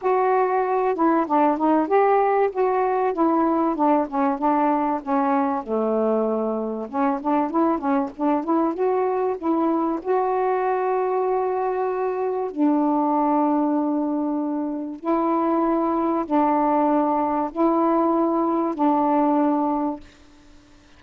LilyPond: \new Staff \with { instrumentName = "saxophone" } { \time 4/4 \tempo 4 = 96 fis'4. e'8 d'8 dis'8 g'4 | fis'4 e'4 d'8 cis'8 d'4 | cis'4 a2 cis'8 d'8 | e'8 cis'8 d'8 e'8 fis'4 e'4 |
fis'1 | d'1 | e'2 d'2 | e'2 d'2 | }